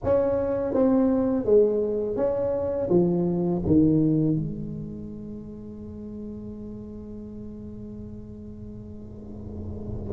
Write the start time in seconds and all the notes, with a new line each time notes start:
0.04 C#4
0.73 C4
1.45 G#3
2.16 C#4
2.89 F3
3.66 D#3
4.36 G#3